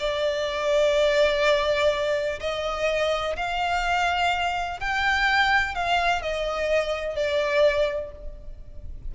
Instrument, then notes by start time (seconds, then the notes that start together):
violin
0.00 D5
2.40 D#5
3.37 F5
4.81 G5
5.75 F5
6.22 D#5
7.16 D5